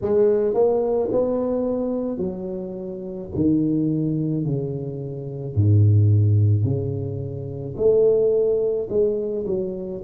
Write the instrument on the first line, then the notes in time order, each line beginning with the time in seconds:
tuba
0.01 G#3
0.54 A#3
1.11 B3
2.17 F#3
3.35 D#3
4.44 C#3
5.55 G#2
6.64 C#3
7.76 A3
8.89 G#3
9.46 F#3